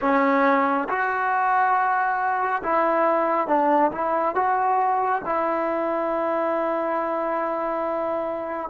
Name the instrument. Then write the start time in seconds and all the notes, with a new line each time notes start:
trombone
0.01 C#4
0.88 F#4
2.62 E4
3.47 D4
3.91 E4
4.35 F#4
5.25 E4